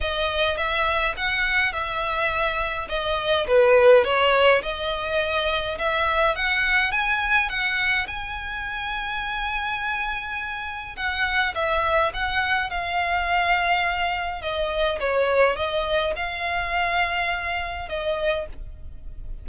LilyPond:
\new Staff \with { instrumentName = "violin" } { \time 4/4 \tempo 4 = 104 dis''4 e''4 fis''4 e''4~ | e''4 dis''4 b'4 cis''4 | dis''2 e''4 fis''4 | gis''4 fis''4 gis''2~ |
gis''2. fis''4 | e''4 fis''4 f''2~ | f''4 dis''4 cis''4 dis''4 | f''2. dis''4 | }